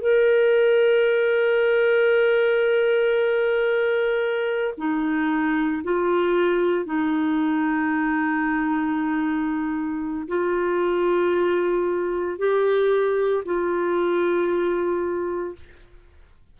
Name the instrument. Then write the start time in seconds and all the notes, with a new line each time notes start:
clarinet
0.00 A#4
4.77 D#4
5.83 F4
6.85 D#4
10.27 F4
12.38 G4
13.44 F4